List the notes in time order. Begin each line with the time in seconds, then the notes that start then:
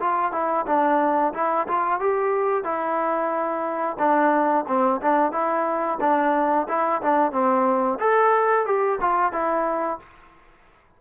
0.00 F4
0.32 E4
0.66 D4
1.34 E4
1.68 F4
2.00 G4
2.64 E4
3.98 D4
4.68 C4
5.02 D4
5.32 E4
6.01 D4
6.68 E4
7.02 D4
7.32 C4
8.00 A4
8.66 G4
9.01 F4
9.32 E4